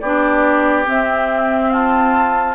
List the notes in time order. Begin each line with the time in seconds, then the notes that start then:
0.00 B3 D4 G4 D5
0.85 C4 E5
1.71 F4 A5